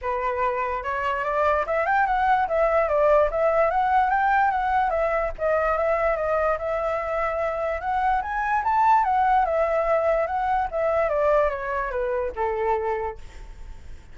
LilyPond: \new Staff \with { instrumentName = "flute" } { \time 4/4 \tempo 4 = 146 b'2 cis''4 d''4 | e''8 g''8 fis''4 e''4 d''4 | e''4 fis''4 g''4 fis''4 | e''4 dis''4 e''4 dis''4 |
e''2. fis''4 | gis''4 a''4 fis''4 e''4~ | e''4 fis''4 e''4 d''4 | cis''4 b'4 a'2 | }